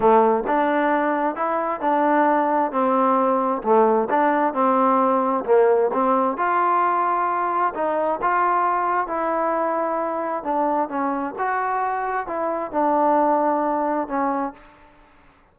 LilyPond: \new Staff \with { instrumentName = "trombone" } { \time 4/4 \tempo 4 = 132 a4 d'2 e'4 | d'2 c'2 | a4 d'4 c'2 | ais4 c'4 f'2~ |
f'4 dis'4 f'2 | e'2. d'4 | cis'4 fis'2 e'4 | d'2. cis'4 | }